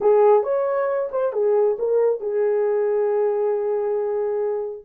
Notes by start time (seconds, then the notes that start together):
0.01 G#4
0.43 C#5
1.11 C5
1.33 G#4
1.78 A#4
2.20 G#4